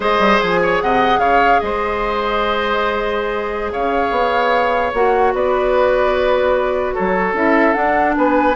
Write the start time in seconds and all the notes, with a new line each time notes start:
0.00 G#3 G#4 C5 D#5
0.19 G3
0.40 F3 G#5
0.62 C#5
0.81 C3 D#5 F#5
1.18 C#3 C#5 F5
1.59 G#3 C5 D#5
3.72 C#3 C#5 F5
4.10 B3
4.93 A#3 F#4 F#5
5.33 B3 B4 D5
6.93 F#3 A4 C#5
7.33 C#4 E4 E5
7.73 D4 F#5
8.16 B3 B4 G#5